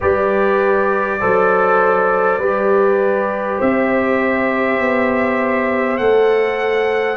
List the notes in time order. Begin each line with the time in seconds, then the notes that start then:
0.00 G3 G4 B4 D5
1.20 F#3 A4 C5
2.38 G3 G4 B4
3.58 C4 C5 E5
4.79 B3
5.97 A3 A4 F#5